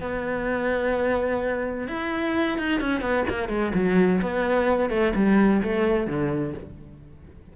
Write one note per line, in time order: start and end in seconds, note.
0.00 1.87 B3
1.87 2.58 E4
2.58 2.80 D#4
2.80 3.00 C#4
3.00 3.24 B3
3.29 3.48 A#3
3.48 3.72 G#3
3.74 4.21 F#3
4.21 4.89 B3
4.89 5.13 A3
5.15 5.62 G3
5.62 6.06 A3
6.06 6.53 D3